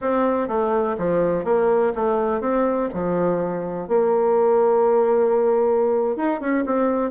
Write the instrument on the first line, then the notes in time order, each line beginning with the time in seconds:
bassoon
0.01 C4
0.48 A3
0.98 F3
1.44 A#3
1.95 A3
2.40 C4
2.93 F3
3.88 A#3
6.16 D#4
6.40 C#4
6.66 C4